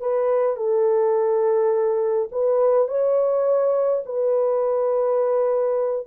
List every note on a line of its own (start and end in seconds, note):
0.00 0.56 B4
0.56 2.29 A4
2.32 2.88 B4
2.88 4.03 C#5
4.06 6.07 B4